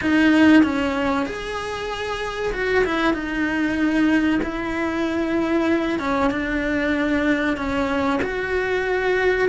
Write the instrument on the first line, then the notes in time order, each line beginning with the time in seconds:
cello
0.01 D#4
0.63 C#4
1.26 G#4
2.52 F#4
2.84 E4
3.13 D#4
4.42 E4
5.99 C#4
6.30 D4
7.56 C#4
8.22 F#4